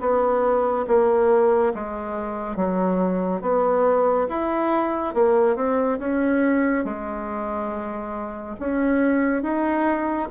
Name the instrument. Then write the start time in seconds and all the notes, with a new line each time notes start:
bassoon
0.00 B3
0.87 A#3
1.74 G#3
2.56 F#3
3.41 B3
4.28 E4
5.14 A#3
5.56 C4
5.99 C#4
6.85 G#3
8.59 C#4
9.42 D#4